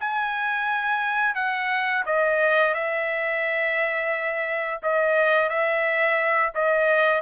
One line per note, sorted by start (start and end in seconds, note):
0.00 1.35 G#5
1.35 2.04 F#5
2.06 2.74 D#5
2.74 4.81 E5
4.82 5.49 D#5
5.49 6.52 E5
6.55 7.21 D#5